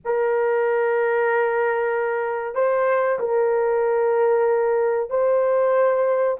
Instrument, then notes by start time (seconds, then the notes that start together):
horn
0.05 A#4
2.54 C5
3.19 A#4
5.10 C5